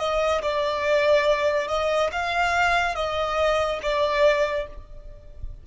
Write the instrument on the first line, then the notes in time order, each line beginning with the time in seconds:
violin
0.00 D#5
0.43 D5
1.69 D#5
2.12 F5
2.96 D#5
3.83 D5